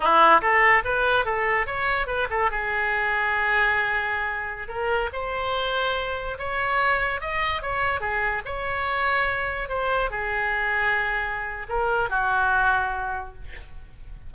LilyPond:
\new Staff \with { instrumentName = "oboe" } { \time 4/4 \tempo 4 = 144 e'4 a'4 b'4 a'4 | cis''4 b'8 a'8 gis'2~ | gis'2.~ gis'16 ais'8.~ | ais'16 c''2. cis''8.~ |
cis''4~ cis''16 dis''4 cis''4 gis'8.~ | gis'16 cis''2. c''8.~ | c''16 gis'2.~ gis'8. | ais'4 fis'2. | }